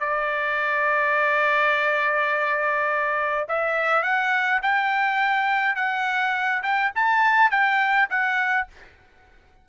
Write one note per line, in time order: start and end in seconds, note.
0.00 3.46 D5
3.49 4.03 E5
4.03 4.60 F#5
4.63 5.76 G5
5.76 6.62 F#5
6.63 6.92 G5
6.95 7.51 A5
7.51 8.09 G5
8.10 8.68 F#5